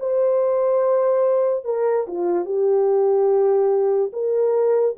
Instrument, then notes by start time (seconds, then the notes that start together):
horn
0.00 C5
1.65 A#4
2.08 F4
2.45 G4
4.13 A#4